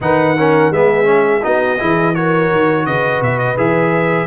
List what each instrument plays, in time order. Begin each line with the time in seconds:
0.00 tuba D#3, trombone D#4, horn B4, trumpet F#5
0.36 trombone C#4, horn A#4
0.70 tuba G#3, trombone B3, horn G#4, trumpet E5
1.04 trombone C#4
1.42 tuba B3, trombone D#4, horn F#4, trumpet D#5
1.78 tuba E3, trombone E4, horn G#4
2.14 trombone F#4, horn A#4, trumpet C#5
2.51 tuba D#3
2.85 tuba C#3, horn B4, trumpet D#5
3.21 tuba B2, trumpet E5
3.38 trumpet D#5
3.57 tuba E3, trombone G#4, trumpet E5